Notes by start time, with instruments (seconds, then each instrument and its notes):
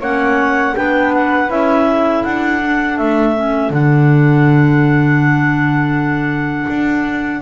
0.00 double bass A#3, clarinet C#4 F#5, flute C#5
0.75 double bass B3, clarinet D4 G5, flute B4
1.13 clarinet F#5
1.49 double bass C#4, clarinet E4 E5
1.85 flute A4
2.23 double bass D4, clarinet F#5
2.62 clarinet D4
2.97 double bass A3, clarinet E5
3.35 clarinet C#4
3.69 double bass D3, clarinet D4 F#5
6.69 double bass D4